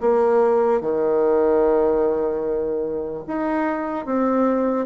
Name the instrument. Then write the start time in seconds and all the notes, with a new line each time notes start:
bassoon
0.00 A#3
0.81 D#3
3.27 D#4
4.05 C4